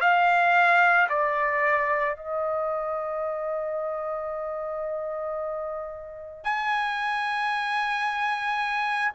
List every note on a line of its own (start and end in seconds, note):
0.00 1.07 F5
1.09 2.16 D5
2.16 6.44 D#5
6.44 9.12 G#5